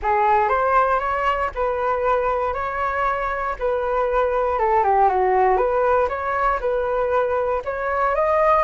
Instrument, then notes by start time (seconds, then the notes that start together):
flute
0.02 G#4
0.49 C5
0.99 C#5
1.54 B4
2.53 C#5
3.59 B4
4.58 A4
4.83 G4
5.08 F#4
5.57 B4
6.08 C#5
6.60 B4
7.65 C#5
8.15 D#5